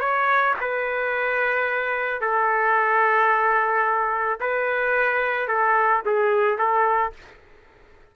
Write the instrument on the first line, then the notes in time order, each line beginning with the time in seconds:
trumpet
0.00 C#5
0.60 B4
2.21 A4
4.40 B4
5.47 A4
6.05 G#4
6.58 A4